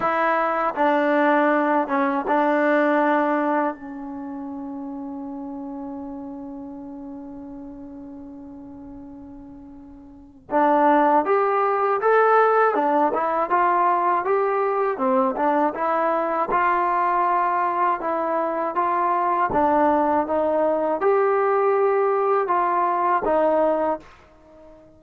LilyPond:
\new Staff \with { instrumentName = "trombone" } { \time 4/4 \tempo 4 = 80 e'4 d'4. cis'8 d'4~ | d'4 cis'2.~ | cis'1~ | cis'2 d'4 g'4 |
a'4 d'8 e'8 f'4 g'4 | c'8 d'8 e'4 f'2 | e'4 f'4 d'4 dis'4 | g'2 f'4 dis'4 | }